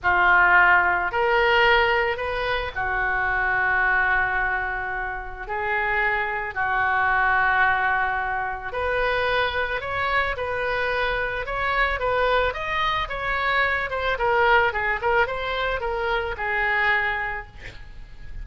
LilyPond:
\new Staff \with { instrumentName = "oboe" } { \time 4/4 \tempo 4 = 110 f'2 ais'2 | b'4 fis'2.~ | fis'2 gis'2 | fis'1 |
b'2 cis''4 b'4~ | b'4 cis''4 b'4 dis''4 | cis''4. c''8 ais'4 gis'8 ais'8 | c''4 ais'4 gis'2 | }